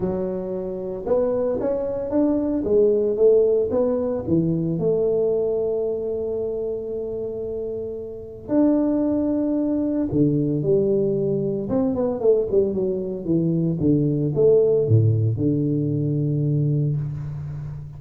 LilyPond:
\new Staff \with { instrumentName = "tuba" } { \time 4/4 \tempo 4 = 113 fis2 b4 cis'4 | d'4 gis4 a4 b4 | e4 a2.~ | a1 |
d'2. d4 | g2 c'8 b8 a8 g8 | fis4 e4 d4 a4 | a,4 d2. | }